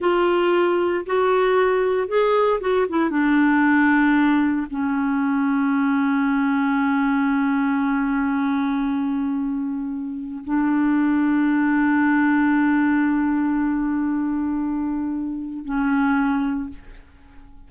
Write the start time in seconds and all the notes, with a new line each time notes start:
0.00 F4
1.06 F#4
2.08 G#4
2.60 F#4
2.89 E4
3.10 D4
4.70 C#4
10.44 D4
15.64 C#4